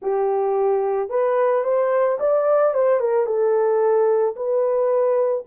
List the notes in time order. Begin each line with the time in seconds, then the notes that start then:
0.01 G4
1.09 B4
1.64 C5
2.19 D5
2.73 C5
3.00 A#4
3.26 A4
4.35 B4